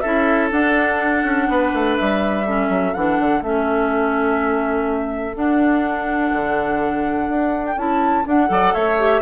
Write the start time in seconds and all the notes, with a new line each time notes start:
0.00 C#4 E4 A4 E5
0.52 D4 F#5
1.24 C#4
1.48 B3 B4
1.74 A3
1.97 G3 E5
2.47 C#4 A4
2.70 F#3
2.94 E3 D4 F#5
3.20 D3
3.42 A3 C#4 E5
5.35 D4 F#5
6.33 D3
7.29 D4
7.67 G5
7.77 C#4 E4 A5
8.26 D4 F#5
8.48 F#3 A4 D5
8.74 A3 C#5 E5
8.99 G4